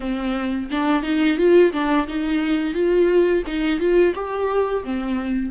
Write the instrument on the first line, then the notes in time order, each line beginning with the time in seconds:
viola
0.00 C4
0.71 D4
1.03 D#4
1.37 F4
1.72 D4
2.07 D#4
2.74 F4
3.47 D#4
3.79 F4
4.14 G4
4.84 C4